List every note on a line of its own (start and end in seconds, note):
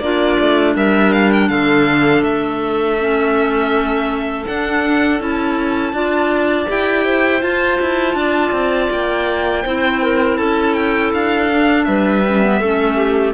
0.00 0.37 A#3
0.00 2.98 D4
0.00 0.76 F4
0.00 0.74 D5
0.40 0.76 A3
0.76 1.50 G3
0.76 1.50 A#4
0.76 1.13 E5
1.13 1.31 F5
1.33 1.49 G5
1.49 2.23 D3
1.49 5.95 A4
1.49 2.23 F5
2.23 4.45 A3
2.23 4.46 E5
3.00 4.46 C#4
4.46 5.19 D4
4.46 5.20 D4
4.46 5.21 F#5
5.19 5.93 C#4
5.19 5.94 E4
5.19 6.71 A5
5.93 6.67 D4
5.93 6.67 F4
5.93 7.05 D5
6.67 7.43 E4
6.67 7.41 G4
6.67 7.42 G5
7.05 8.17 C5
7.42 9.64 F4
7.42 7.80 F4
7.42 8.90 A5
7.81 8.15 E4
8.15 8.52 D4
8.15 9.63 D5
8.52 8.89 C4
8.91 9.65 A#3
8.91 10.37 G5
9.63 10.39 C4
9.63 11.50 E4
9.63 10.00 C5
10.02 10.38 A#4
10.37 11.13 C#4
10.37 11.87 A4
10.37 10.74 A5
10.74 11.11 G5
11.14 11.88 D4
11.14 11.84 F5
11.50 12.24 D4
11.84 12.61 G3
11.84 12.60 B4
11.84 13.33 E5
12.27 12.43 C#4
12.43 12.61 B3
12.60 13.34 A3
12.60 13.34 C#4
12.60 12.96 A4
12.96 13.33 G4